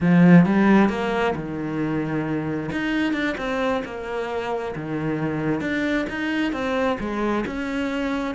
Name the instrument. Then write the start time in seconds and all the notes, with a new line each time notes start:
cello
0.00 F3
0.45 G3
0.89 A#3
1.35 D#3
2.71 D#4
3.13 D4
3.37 C4
3.84 A#3
4.75 D#3
5.60 D4
6.09 D#4
6.52 C4
6.99 G#3
7.46 C#4